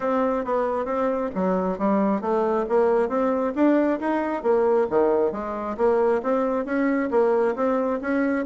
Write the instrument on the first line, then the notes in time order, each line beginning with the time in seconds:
bassoon
0.00 C4
0.44 B3
0.85 C4
1.34 F#3
1.78 G3
2.21 A3
2.68 A#3
3.08 C4
3.55 D4
3.99 D#4
4.42 A#3
4.90 D#3
5.32 G#3
5.77 A#3
6.22 C4
6.65 C#4
7.10 A#3
7.55 C4
8.01 C#4